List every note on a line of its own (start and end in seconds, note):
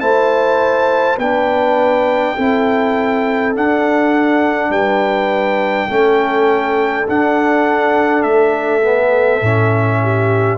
0.00 1.18 A3
0.00 1.18 E4
0.00 1.17 C5
0.00 1.18 A5
1.17 2.35 B3
1.17 2.37 D4
1.17 2.34 B4
1.17 3.55 G5
2.35 3.56 C4
2.35 3.54 E4
2.35 4.71 A4
3.54 5.89 D4
3.54 4.70 D4
3.54 4.72 F#5
4.70 5.87 G3
4.70 5.88 B4
4.70 7.07 G5
5.88 7.07 A3
5.88 7.07 C#4
5.88 10.00 A4
7.07 8.82 D4
7.07 8.24 D4
7.07 8.23 F#5
8.23 9.41 A3
8.23 10.58 E5
8.82 9.41 B3
9.41 10.58 A2
9.41 10.58 C#4
10.02 10.58 G4